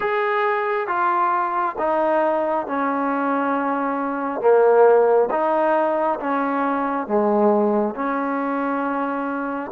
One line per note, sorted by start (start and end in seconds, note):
0.00 0.87 G#4
0.87 1.76 F4
1.78 2.66 D#4
2.66 4.40 C#4
4.40 5.29 A#3
5.31 6.19 D#4
6.20 7.07 C#4
7.07 7.94 G#3
7.94 9.71 C#4